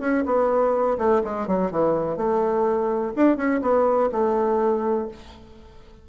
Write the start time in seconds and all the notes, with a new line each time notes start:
0.00 C#4
0.26 B3
0.98 A3
1.24 G#3
1.47 F#3
1.71 E3
2.17 A3
3.16 D4
3.37 C#4
3.61 B3
4.11 A3